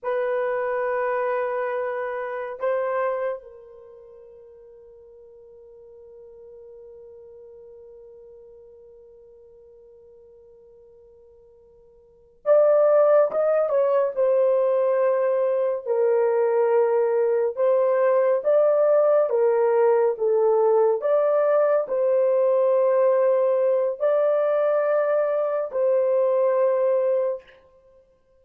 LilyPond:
\new Staff \with { instrumentName = "horn" } { \time 4/4 \tempo 4 = 70 b'2. c''4 | ais'1~ | ais'1~ | ais'2~ ais'8 d''4 dis''8 |
cis''8 c''2 ais'4.~ | ais'8 c''4 d''4 ais'4 a'8~ | a'8 d''4 c''2~ c''8 | d''2 c''2 | }